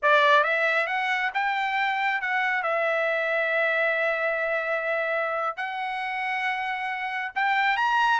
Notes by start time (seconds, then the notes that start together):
0.02 D5
0.43 E5
0.87 F#5
1.34 G5
2.21 F#5
2.62 E5
5.56 F#5
7.35 G5
7.77 A#5